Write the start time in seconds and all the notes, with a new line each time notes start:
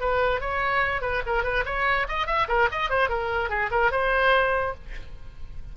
0.00 B4
0.41 C#5
1.01 B4
1.26 A#4
1.44 B4
1.66 C#5
2.08 D#5
2.26 E5
2.48 A#4
2.71 D#5
2.90 C5
3.09 A#4
3.49 G#4
3.71 A#4
3.91 C5